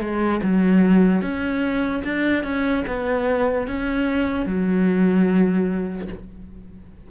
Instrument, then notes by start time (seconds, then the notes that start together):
cello
0.00 G#3
0.42 F#3
1.22 C#4
2.04 D4
2.43 C#4
2.87 B3
3.67 C#4
4.46 F#3